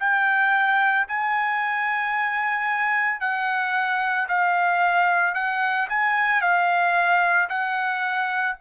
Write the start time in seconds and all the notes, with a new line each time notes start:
0.00 G5
1.08 G#5
3.21 F#5
4.29 F5
5.35 F#5
5.89 G#5
6.41 F5
7.50 F#5